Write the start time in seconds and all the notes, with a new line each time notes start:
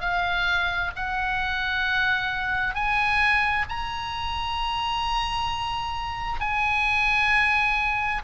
0.00 F5
0.95 F#5
2.74 G#5
3.69 A#5
6.40 G#5